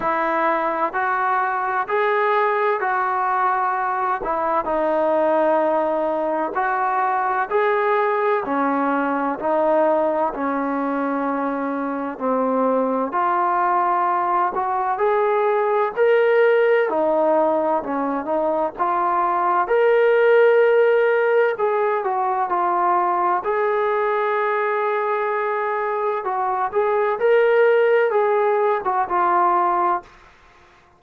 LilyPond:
\new Staff \with { instrumentName = "trombone" } { \time 4/4 \tempo 4 = 64 e'4 fis'4 gis'4 fis'4~ | fis'8 e'8 dis'2 fis'4 | gis'4 cis'4 dis'4 cis'4~ | cis'4 c'4 f'4. fis'8 |
gis'4 ais'4 dis'4 cis'8 dis'8 | f'4 ais'2 gis'8 fis'8 | f'4 gis'2. | fis'8 gis'8 ais'4 gis'8. fis'16 f'4 | }